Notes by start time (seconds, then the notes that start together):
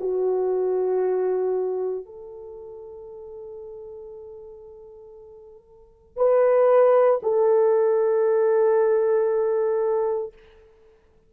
0.00 F#4
2.05 A4
6.16 B4
7.23 A4